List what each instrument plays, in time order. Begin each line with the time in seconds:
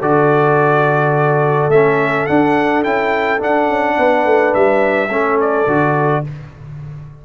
0.00 tuba D3, trombone F#4, horn A4, trumpet D5
1.69 tuba A3, trombone C#4, trumpet E5
2.27 trombone D4, tuba D4, trumpet F#5
2.84 tuba C#4, trombone E4, trumpet G5
3.39 trombone D4, tuba D4, trumpet F#5
3.69 tuba C#4
3.98 tuba B3, horn B4
4.26 tuba A3
4.55 tuba G3, trumpet E5
5.09 tuba A3, trombone C#4, horn A4
5.41 trumpet D5
5.67 tuba D3, trombone F#4